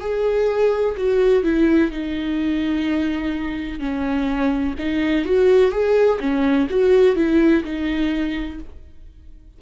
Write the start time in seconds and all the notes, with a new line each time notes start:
0.00 G#4
0.97 F#4
1.43 E4
1.91 D#4
3.79 C#4
4.78 D#4
5.25 F#4
5.71 G#4
6.19 C#4
6.70 F#4
7.16 E4
7.64 D#4